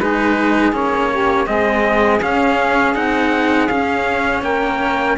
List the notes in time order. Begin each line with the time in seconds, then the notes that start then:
0.00 G#3 D#4 G#4 B4
0.73 A#3 C#4 C#5
1.11 G4
1.46 G#3 C4 G#4 D#5
2.22 C#4 F5
2.95 C4 D#4 F#5
3.68 C#4 F5
4.42 A#3 A#4 G5